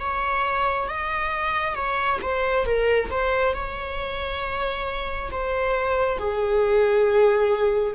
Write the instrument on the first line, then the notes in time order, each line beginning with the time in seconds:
viola
0.00 C#5
0.89 D#5
1.75 C#5
2.22 C5
2.66 A#4
3.10 C5
3.54 C#5
5.31 C5
6.18 G#4